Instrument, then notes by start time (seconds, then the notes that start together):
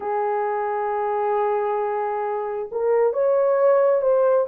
horn
0.00 G#4
2.71 A#4
3.13 C#5
4.01 C5